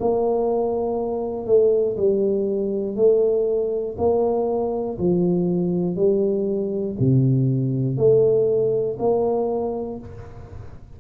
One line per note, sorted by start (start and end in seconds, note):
0.00 1.46 A#3
1.46 1.96 A3
1.97 2.96 G3
2.96 3.96 A3
3.97 4.97 A#3
4.98 5.96 F3
5.96 6.96 G3
6.99 7.97 C3
7.97 8.97 A3
8.99 9.99 A#3